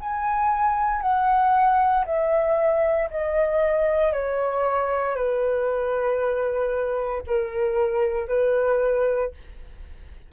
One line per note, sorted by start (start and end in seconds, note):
0.00 1.01 G#5
1.01 2.05 F#5
2.05 3.09 E5
3.10 4.13 D#5
4.13 5.15 C#5
5.15 7.22 B4
7.26 8.28 A#4
8.28 9.31 B4